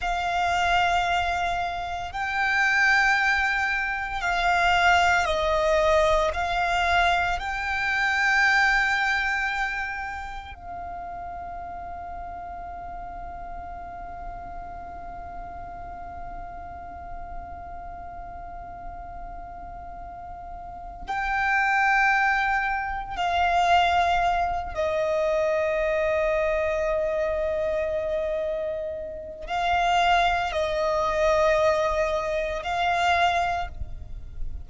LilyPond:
\new Staff \with { instrumentName = "violin" } { \time 4/4 \tempo 4 = 57 f''2 g''2 | f''4 dis''4 f''4 g''4~ | g''2 f''2~ | f''1~ |
f''1 | g''2 f''4. dis''8~ | dis''1 | f''4 dis''2 f''4 | }